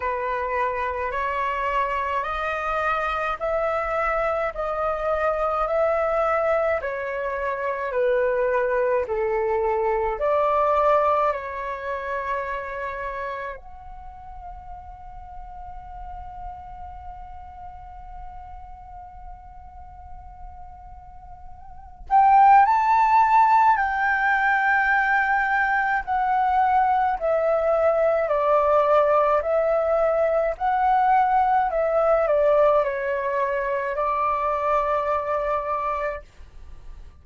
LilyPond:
\new Staff \with { instrumentName = "flute" } { \time 4/4 \tempo 4 = 53 b'4 cis''4 dis''4 e''4 | dis''4 e''4 cis''4 b'4 | a'4 d''4 cis''2 | fis''1~ |
fis''2.~ fis''8 g''8 | a''4 g''2 fis''4 | e''4 d''4 e''4 fis''4 | e''8 d''8 cis''4 d''2 | }